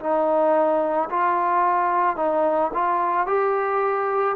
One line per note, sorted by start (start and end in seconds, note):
0.00 1.09 D#4
1.10 2.16 F4
2.16 2.71 D#4
2.74 3.27 F4
3.27 4.36 G4